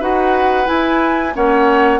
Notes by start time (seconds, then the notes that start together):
0.00 D#4 F#4 B4 F#5
0.65 E4 G#5
1.34 A#3 C#4 C#5 F#5